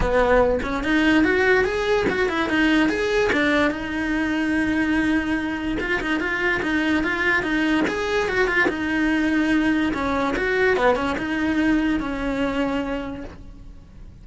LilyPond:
\new Staff \with { instrumentName = "cello" } { \time 4/4 \tempo 4 = 145 b4. cis'8 dis'4 fis'4 | gis'4 fis'8 e'8 dis'4 gis'4 | d'4 dis'2.~ | dis'2 f'8 dis'8 f'4 |
dis'4 f'4 dis'4 gis'4 | fis'8 f'8 dis'2. | cis'4 fis'4 b8 cis'8 dis'4~ | dis'4 cis'2. | }